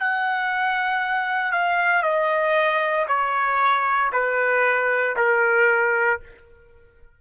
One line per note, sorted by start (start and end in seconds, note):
0.00 1.52 F#5
1.52 2.02 F5
2.02 3.06 D#5
3.08 4.11 C#5
4.12 5.16 B4
5.17 6.20 A#4